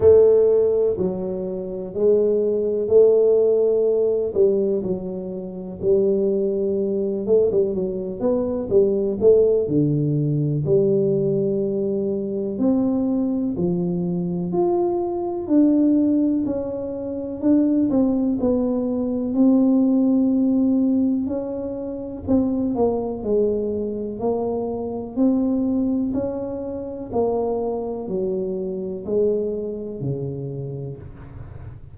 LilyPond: \new Staff \with { instrumentName = "tuba" } { \time 4/4 \tempo 4 = 62 a4 fis4 gis4 a4~ | a8 g8 fis4 g4. a16 g16 | fis8 b8 g8 a8 d4 g4~ | g4 c'4 f4 f'4 |
d'4 cis'4 d'8 c'8 b4 | c'2 cis'4 c'8 ais8 | gis4 ais4 c'4 cis'4 | ais4 fis4 gis4 cis4 | }